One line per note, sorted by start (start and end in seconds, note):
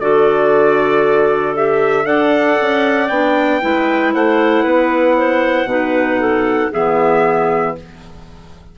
0.00 2.06 D3
0.00 1.56 F#4
0.00 2.06 A4
0.00 1.55 D5
1.56 2.04 G4
1.56 2.06 E5
2.04 2.58 D4
2.04 3.08 A4
2.04 3.61 D5
2.04 3.09 F#5
2.61 3.09 C#4
3.09 3.61 B3
3.09 3.61 D4
3.09 4.12 G5
3.61 4.14 G#3
3.61 5.68 E4
3.61 4.14 B4
4.14 4.64 A3
4.14 4.63 C5
4.14 6.73 F#5
4.63 5.65 B3
4.63 5.15 B4
5.17 5.69 C5
5.65 6.68 B2
5.65 6.71 D#4
5.65 6.20 B4
6.20 6.72 A4
6.72 7.78 E3
6.72 7.77 B3
6.72 7.75 G#4
6.72 7.77 E5